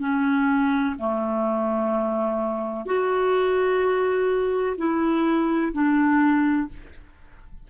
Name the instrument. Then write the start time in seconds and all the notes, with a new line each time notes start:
clarinet
0.00 C#4
0.99 A3
2.86 F#4
4.77 E4
5.73 D4